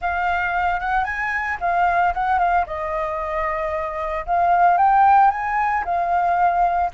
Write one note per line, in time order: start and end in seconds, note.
0.01 0.80 F5
0.80 1.04 F#5
1.04 1.57 G#5
1.60 2.13 F5
2.14 2.38 F#5
2.38 2.65 F5
2.66 4.25 D#5
4.26 4.77 F5
4.77 5.30 G5
5.30 5.84 G#5
5.84 6.91 F5